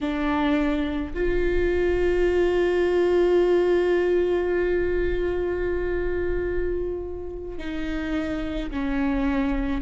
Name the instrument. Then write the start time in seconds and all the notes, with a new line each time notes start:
viola
0.01 D4
1.14 F4
7.58 D#4
8.70 C#4